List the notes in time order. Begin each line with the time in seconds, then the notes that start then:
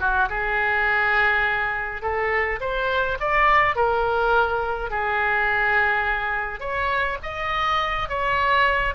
0.00 F#4
0.29 G#4
2.02 A4
2.60 C5
3.20 D5
3.76 A#4
4.91 G#4
6.60 C#5
7.23 D#5
8.09 C#5